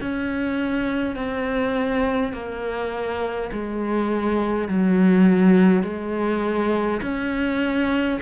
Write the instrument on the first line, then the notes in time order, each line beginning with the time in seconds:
cello
0.00 C#4
1.16 C4
2.33 A#3
3.52 G#3
4.68 F#3
5.82 G#3
7.02 C#4